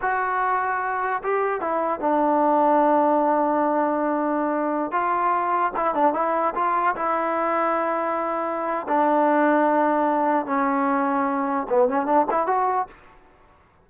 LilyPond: \new Staff \with { instrumentName = "trombone" } { \time 4/4 \tempo 4 = 149 fis'2. g'4 | e'4 d'2.~ | d'1~ | d'16 f'2 e'8 d'8 e'8.~ |
e'16 f'4 e'2~ e'8.~ | e'2 d'2~ | d'2 cis'2~ | cis'4 b8 cis'8 d'8 e'8 fis'4 | }